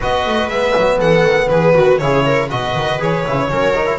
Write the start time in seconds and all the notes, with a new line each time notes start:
0.00 B3 F#4 B4 D#5
0.26 A3
0.48 G#3 B3 E5
0.76 F#3
0.97 E3 A4 F#5
1.24 D#3
1.48 E3 G#4 B4
1.74 D#3 F#4
1.98 C#3 E4 G#4 C#5
2.25 A#4
2.48 B2 F#4 B4 D#5
2.75 D#3
2.99 E3 G#4 C#5
3.26 C#3 E4
3.48 F#3 C#4 A#4
3.74 D#4
3.86 E4